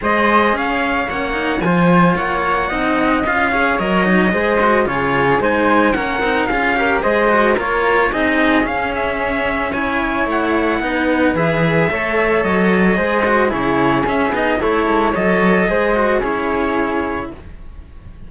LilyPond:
<<
  \new Staff \with { instrumentName = "trumpet" } { \time 4/4 \tempo 4 = 111 dis''4 f''4 fis''4 gis''4 | fis''2 f''4 dis''4~ | dis''4 cis''4 gis''4 fis''4 | f''4 dis''4 cis''4 dis''4 |
f''8 e''4. gis''4 fis''4~ | fis''4 e''2 dis''4~ | dis''4 cis''4 e''8 dis''8 cis''4 | dis''2 cis''2 | }
  \new Staff \with { instrumentName = "flute" } { \time 4/4 c''4 cis''2 c''4 | cis''4 dis''4. cis''4. | c''4 gis'4 c''4 ais'4 | gis'8 ais'8 c''4 ais'4 gis'4~ |
gis'2 cis''2 | b'2 cis''2 | c''4 gis'2 a'4 | cis''4 c''4 gis'2 | }
  \new Staff \with { instrumentName = "cello" } { \time 4/4 gis'2 cis'8 dis'8 f'4~ | f'4 dis'4 f'8 gis'8 ais'8 dis'8 | gis'8 fis'8 f'4 dis'4 cis'8 dis'8 | f'8 g'8 gis'8 fis'8 f'4 dis'4 |
cis'2 e'2 | dis'4 gis'4 a'2 | gis'8 fis'8 e'4 cis'8 dis'8 e'4 | a'4 gis'8 fis'8 e'2 | }
  \new Staff \with { instrumentName = "cello" } { \time 4/4 gis4 cis'4 ais4 f4 | ais4 c'4 cis'4 fis4 | gis4 cis4 gis4 ais8 c'8 | cis'4 gis4 ais4 c'4 |
cis'2. a4 | b4 e4 a4 fis4 | gis4 cis4 cis'8 b8 a8 gis8 | fis4 gis4 cis'2 | }
>>